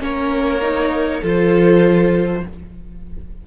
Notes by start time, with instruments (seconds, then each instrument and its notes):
0.00 cello A#3, viola C#4, violin A#4 C#5
0.61 viola D#4
1.20 cello F3, viola F4, violin A4
1.27 violin C5